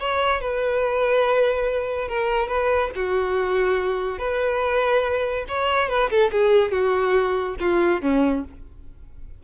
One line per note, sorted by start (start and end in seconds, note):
0.00 0.41 C#5
0.41 2.08 B4
2.08 2.48 A#4
2.48 2.91 B4
2.95 4.19 F#4
4.19 5.45 B4
5.48 5.89 C#5
5.89 6.10 B4
6.10 6.31 A4
6.32 6.71 G#4
6.71 7.56 F#4
7.60 8.01 F4
8.01 8.44 C#4